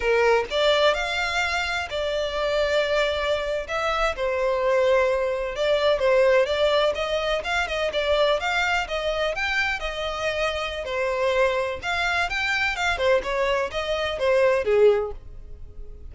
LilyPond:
\new Staff \with { instrumentName = "violin" } { \time 4/4 \tempo 4 = 127 ais'4 d''4 f''2 | d''2.~ d''8. e''16~ | e''8. c''2. d''16~ | d''8. c''4 d''4 dis''4 f''16~ |
f''16 dis''8 d''4 f''4 dis''4 g''16~ | g''8. dis''2~ dis''16 c''4~ | c''4 f''4 g''4 f''8 c''8 | cis''4 dis''4 c''4 gis'4 | }